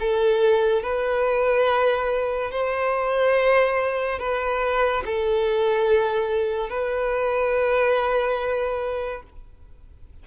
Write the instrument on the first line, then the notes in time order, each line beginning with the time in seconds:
violin
0.00 A4
0.83 B4
2.51 C5
4.19 B4
5.05 A4
6.70 B4